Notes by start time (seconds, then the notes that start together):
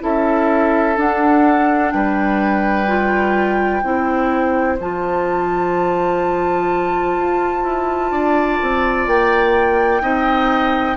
0.00 C#4 E4 A4 E5
0.95 D4 F#5
1.91 G3 B4 G5
2.87 F4
3.83 C4 E4 C5
4.80 F3 F4 A5
7.18 F4
7.64 E4
8.11 D4 D5
8.62 C4
9.07 A#3 G5
10.02 C4 D#4 D#5